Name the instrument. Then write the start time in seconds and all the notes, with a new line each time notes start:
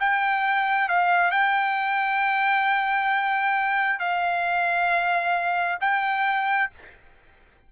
trumpet
0.00 G5
0.89 F5
1.31 G5
3.99 F5
5.80 G5